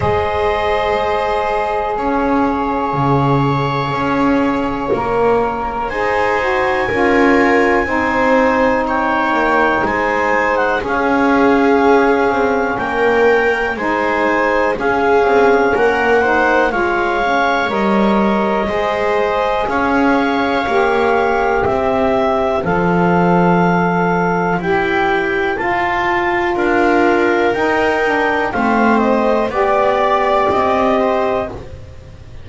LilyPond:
<<
  \new Staff \with { instrumentName = "clarinet" } { \time 4/4 \tempo 4 = 61 dis''2 f''2~ | f''2 gis''2~ | gis''4 g''4 gis''8. fis''16 f''4~ | f''4 g''4 gis''4 f''4 |
fis''4 f''4 dis''2 | f''2 e''4 f''4~ | f''4 g''4 a''4 f''4 | g''4 f''8 dis''8 d''4 dis''4 | }
  \new Staff \with { instrumentName = "viola" } { \time 4/4 c''2 cis''2~ | cis''2 c''4 ais'4 | c''4 cis''4 c''4 gis'4~ | gis'4 ais'4 c''4 gis'4 |
ais'8 c''8 cis''2 c''4 | cis''2 c''2~ | c''2. ais'4~ | ais'4 c''4 d''4. c''8 | }
  \new Staff \with { instrumentName = "saxophone" } { \time 4/4 gis'1~ | gis'4 ais'4 gis'8 fis'8 f'4 | dis'2. cis'4~ | cis'2 dis'4 cis'4~ |
cis'8 dis'8 f'8 cis'8 ais'4 gis'4~ | gis'4 g'2 a'4~ | a'4 g'4 f'2 | dis'8 d'8 c'4 g'2 | }
  \new Staff \with { instrumentName = "double bass" } { \time 4/4 gis2 cis'4 cis4 | cis'4 ais4 dis'4 cis'4 | c'4. ais8 gis4 cis'4~ | cis'8 c'8 ais4 gis4 cis'8 c'8 |
ais4 gis4 g4 gis4 | cis'4 ais4 c'4 f4~ | f4 e'4 f'4 d'4 | dis'4 a4 b4 c'4 | }
>>